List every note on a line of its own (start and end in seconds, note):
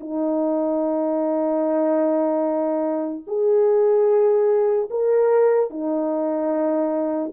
0.00 3.24 D#4
3.27 4.89 G#4
4.90 5.71 A#4
5.71 7.33 D#4